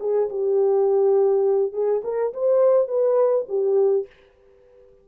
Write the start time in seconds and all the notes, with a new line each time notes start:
0.00 G#4
0.30 G4
1.73 G#4
2.04 A#4
2.33 C5
2.88 B4
3.48 G4